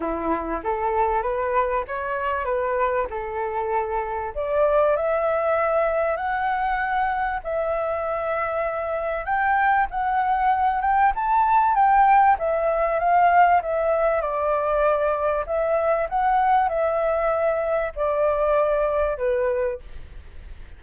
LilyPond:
\new Staff \with { instrumentName = "flute" } { \time 4/4 \tempo 4 = 97 e'4 a'4 b'4 cis''4 | b'4 a'2 d''4 | e''2 fis''2 | e''2. g''4 |
fis''4. g''8 a''4 g''4 | e''4 f''4 e''4 d''4~ | d''4 e''4 fis''4 e''4~ | e''4 d''2 b'4 | }